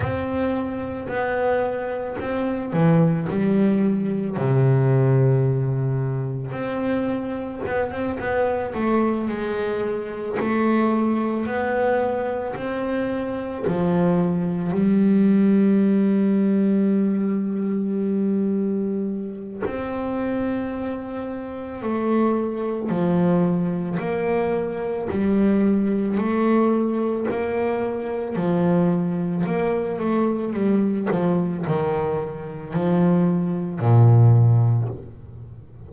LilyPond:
\new Staff \with { instrumentName = "double bass" } { \time 4/4 \tempo 4 = 55 c'4 b4 c'8 e8 g4 | c2 c'4 b16 c'16 b8 | a8 gis4 a4 b4 c'8~ | c'8 f4 g2~ g8~ |
g2 c'2 | a4 f4 ais4 g4 | a4 ais4 f4 ais8 a8 | g8 f8 dis4 f4 ais,4 | }